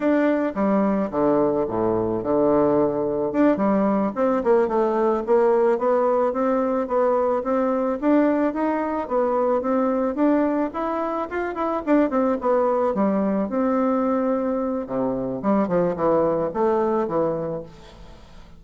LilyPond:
\new Staff \with { instrumentName = "bassoon" } { \time 4/4 \tempo 4 = 109 d'4 g4 d4 a,4 | d2 d'8 g4 c'8 | ais8 a4 ais4 b4 c'8~ | c'8 b4 c'4 d'4 dis'8~ |
dis'8 b4 c'4 d'4 e'8~ | e'8 f'8 e'8 d'8 c'8 b4 g8~ | g8 c'2~ c'8 c4 | g8 f8 e4 a4 e4 | }